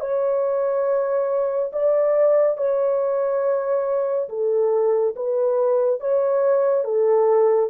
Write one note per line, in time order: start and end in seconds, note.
0.00 1.71 C#5
1.73 2.57 D5
2.57 4.29 C#5
4.29 5.15 A4
5.15 6.00 B4
6.00 6.84 C#5
6.84 7.70 A4